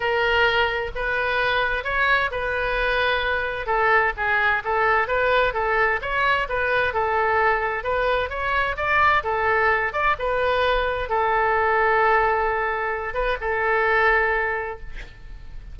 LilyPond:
\new Staff \with { instrumentName = "oboe" } { \time 4/4 \tempo 4 = 130 ais'2 b'2 | cis''4 b'2. | a'4 gis'4 a'4 b'4 | a'4 cis''4 b'4 a'4~ |
a'4 b'4 cis''4 d''4 | a'4. d''8 b'2 | a'1~ | a'8 b'8 a'2. | }